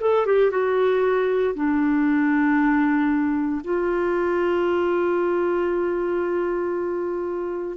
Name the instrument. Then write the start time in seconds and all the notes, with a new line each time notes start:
clarinet
0.00 A4
0.25 G4
0.50 F#4
1.54 D4
3.63 F4